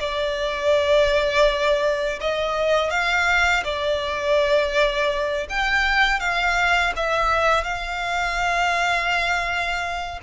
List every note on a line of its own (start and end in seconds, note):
0.00 2.20 D5
2.21 2.90 D#5
2.90 3.64 F5
3.65 5.47 D5
5.49 6.20 G5
6.20 6.93 F5
6.96 7.64 E5
7.64 10.20 F5